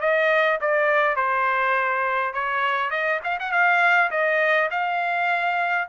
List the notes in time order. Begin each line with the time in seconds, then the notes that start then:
0.00 D#5
0.60 D5
1.16 C5
2.33 C#5
2.90 D#5
3.24 F5
3.39 F#5
3.51 F5
4.10 D#5
4.70 F5